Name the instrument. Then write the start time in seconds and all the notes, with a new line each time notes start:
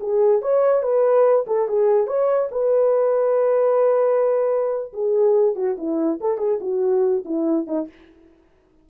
horn
0.00 G#4
0.41 C#5
0.82 B4
1.47 A4
1.68 G#4
2.07 C#5
2.51 B4
4.93 G#4
5.55 F#4
5.77 E4
6.20 A4
6.38 G#4
6.60 F#4
7.25 E4
7.67 D#4